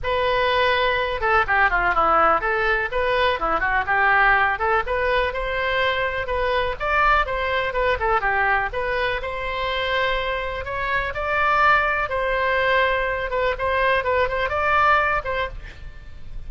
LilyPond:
\new Staff \with { instrumentName = "oboe" } { \time 4/4 \tempo 4 = 124 b'2~ b'8 a'8 g'8 f'8 | e'4 a'4 b'4 e'8 fis'8 | g'4. a'8 b'4 c''4~ | c''4 b'4 d''4 c''4 |
b'8 a'8 g'4 b'4 c''4~ | c''2 cis''4 d''4~ | d''4 c''2~ c''8 b'8 | c''4 b'8 c''8 d''4. c''8 | }